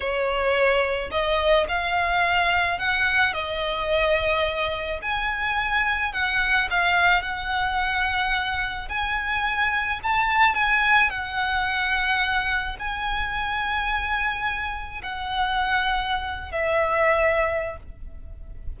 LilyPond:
\new Staff \with { instrumentName = "violin" } { \time 4/4 \tempo 4 = 108 cis''2 dis''4 f''4~ | f''4 fis''4 dis''2~ | dis''4 gis''2 fis''4 | f''4 fis''2. |
gis''2 a''4 gis''4 | fis''2. gis''4~ | gis''2. fis''4~ | fis''4.~ fis''16 e''2~ e''16 | }